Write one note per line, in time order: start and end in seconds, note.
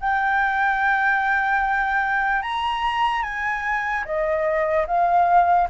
0.00 2.43 G5
2.43 3.23 A#5
3.23 4.04 G#5
4.05 4.86 D#5
4.88 5.69 F5